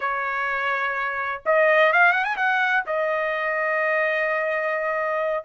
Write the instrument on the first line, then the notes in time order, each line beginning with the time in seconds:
trumpet
0.00 C#5
1.45 D#5
1.92 F5
2.12 F#5
2.24 G#5
2.36 F#5
2.86 D#5